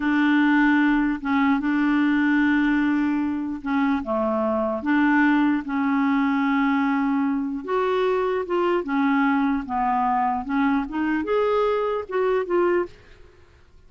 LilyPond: \new Staff \with { instrumentName = "clarinet" } { \time 4/4 \tempo 4 = 149 d'2. cis'4 | d'1~ | d'4 cis'4 a2 | d'2 cis'2~ |
cis'2. fis'4~ | fis'4 f'4 cis'2 | b2 cis'4 dis'4 | gis'2 fis'4 f'4 | }